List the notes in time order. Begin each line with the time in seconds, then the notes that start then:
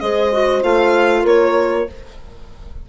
0.00 G#3 G#4 C5 D#5
0.32 F#4
0.62 A3 F4 F5
1.22 A#3 A#4 C#5